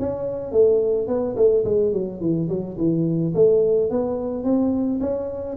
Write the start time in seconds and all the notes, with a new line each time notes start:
0.00 C#4
0.52 A3
1.08 B3
1.37 A3
1.65 G#3
1.93 F#3
2.21 E3
2.50 F#3
2.78 E3
3.35 A3
3.90 B3
4.44 C4
5.01 C#4